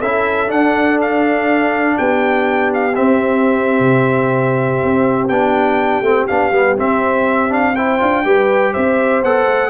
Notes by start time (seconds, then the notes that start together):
0.00 C#4 E4 A4 E5
0.47 D4 F#5
1.01 F5
1.98 B3 G4 G5
2.74 F5
2.95 C4 E5
3.80 C3
4.84 C4
5.29 B3 D4 G5
6.01 A3 C4
6.27 B3 D4 F5
6.51 G3 B3
6.77 C4 E5
7.49 D4 F5
7.75 E4 C5 G5
7.99 D4 F4
8.24 G3 G4 B4
8.73 C4 C5 E5
9.23 B3 A4 F#5
9.47 A3